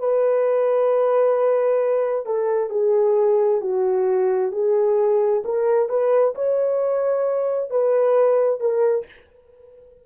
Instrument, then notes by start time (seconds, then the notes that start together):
horn
0.00 B4
2.26 A4
2.71 G#4
3.62 F#4
4.52 G#4
5.45 A#4
5.89 B4
6.36 C#5
7.71 B4
8.61 A#4